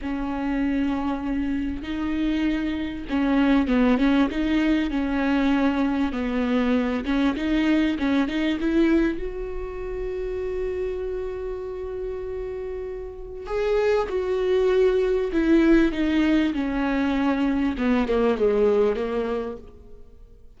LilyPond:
\new Staff \with { instrumentName = "viola" } { \time 4/4 \tempo 4 = 98 cis'2. dis'4~ | dis'4 cis'4 b8 cis'8 dis'4 | cis'2 b4. cis'8 | dis'4 cis'8 dis'8 e'4 fis'4~ |
fis'1~ | fis'2 gis'4 fis'4~ | fis'4 e'4 dis'4 cis'4~ | cis'4 b8 ais8 gis4 ais4 | }